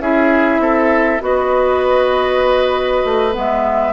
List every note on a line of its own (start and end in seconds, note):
0.00 0.59 C#4
0.00 1.20 E4
0.00 0.61 G#4
0.00 1.22 E5
0.59 1.19 C4
0.59 1.22 A4
1.20 3.03 B3
1.20 3.32 F#4
1.20 3.93 B4
1.20 3.35 D#5
3.05 3.35 A3
3.32 3.93 G#3
3.32 3.92 B3
3.38 3.93 E5